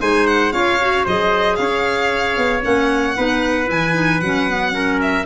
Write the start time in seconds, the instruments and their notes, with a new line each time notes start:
0.00 tuba G#3, clarinet D#4, trumpet C5, violin G#5
0.27 violin F#5
0.52 tuba C#4, clarinet F4, trumpet C#5, violin F5
0.81 clarinet F#4
1.04 tuba F#3, clarinet G#4, trumpet C5, violin D#5
1.56 tuba C#4, trumpet C#5, violin F5
2.37 tuba B3
2.62 tuba A#3, clarinet C#4, violin F#5
3.16 tuba B3, clarinet D#4, trumpet B4
3.65 tuba E3, clarinet E4, violin G#5
3.93 clarinet D#4
4.21 tuba F#3, clarinet C#4, violin F#5
4.49 clarinet B3
4.72 clarinet C#4, trumpet A#4
5.02 violin E5